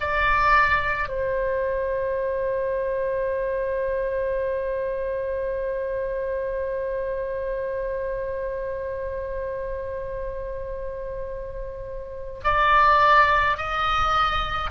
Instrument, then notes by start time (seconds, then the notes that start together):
oboe
0.00 D5
1.08 C5
12.44 D5
13.57 D#5